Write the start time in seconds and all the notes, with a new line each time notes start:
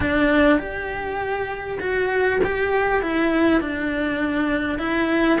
0.00 D4
0.58 G4
1.80 F#4
2.44 G4
3.02 E4
3.60 D4
4.78 E4